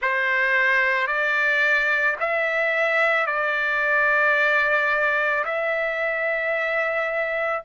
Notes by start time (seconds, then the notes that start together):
0.01 C5
1.07 D5
2.20 E5
3.26 D5
5.44 E5